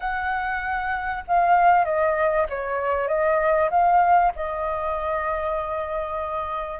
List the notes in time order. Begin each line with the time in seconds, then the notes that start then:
0.00 F#5
1.27 F5
1.84 D#5
2.49 C#5
3.08 D#5
3.70 F5
4.35 D#5